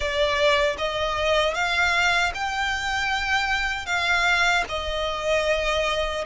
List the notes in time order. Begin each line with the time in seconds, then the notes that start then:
0.00 D5
0.78 D#5
1.54 F5
2.34 G5
3.86 F5
4.69 D#5